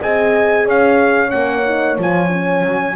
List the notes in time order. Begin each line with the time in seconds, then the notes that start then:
0.00 C4 G#4 D#5 G#5
0.66 C#4 C#5 F5
1.29 A#3 C#4 F#5
1.65 D#4
1.98 F3 F4 G#5
2.29 C#4
2.64 F#3